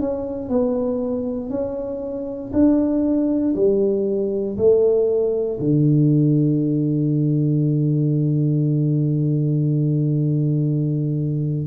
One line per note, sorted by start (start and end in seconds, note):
0.00 0.49 C#4
0.49 1.49 B3
1.49 2.51 C#4
2.53 3.55 D4
3.55 4.57 G3
4.57 5.58 A3
5.59 11.66 D3